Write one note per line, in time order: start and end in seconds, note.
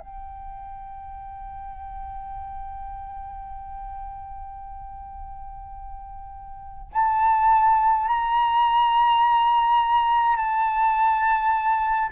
0.00 6.92 G5
6.93 8.08 A5
8.08 10.37 A#5
10.37 12.10 A5